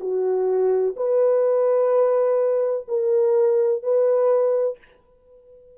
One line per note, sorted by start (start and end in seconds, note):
0.00 0.95 F#4
0.96 2.87 B4
2.88 3.83 A#4
3.83 4.78 B4